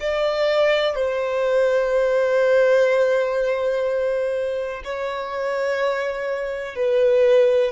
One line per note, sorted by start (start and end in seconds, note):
0.00 0.95 D5
0.95 4.82 C5
4.84 6.75 C#5
6.75 7.72 B4